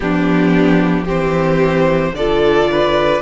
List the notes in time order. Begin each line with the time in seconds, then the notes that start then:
0.00 F3 B3 D4 G4
1.04 E3 C4 G4 C5
2.13 D3 F4 A4 D5
2.70 B4